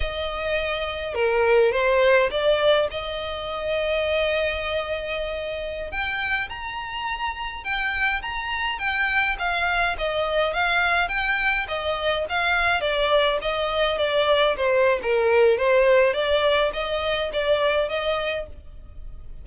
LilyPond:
\new Staff \with { instrumentName = "violin" } { \time 4/4 \tempo 4 = 104 dis''2 ais'4 c''4 | d''4 dis''2.~ | dis''2~ dis''16 g''4 ais''8.~ | ais''4~ ais''16 g''4 ais''4 g''8.~ |
g''16 f''4 dis''4 f''4 g''8.~ | g''16 dis''4 f''4 d''4 dis''8.~ | dis''16 d''4 c''8. ais'4 c''4 | d''4 dis''4 d''4 dis''4 | }